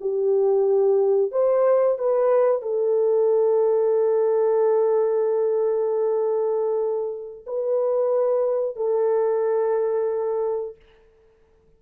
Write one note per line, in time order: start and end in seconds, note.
0.00 1.31 G4
1.31 1.98 C5
1.98 2.62 B4
2.62 7.45 A4
7.46 8.76 B4
8.76 10.76 A4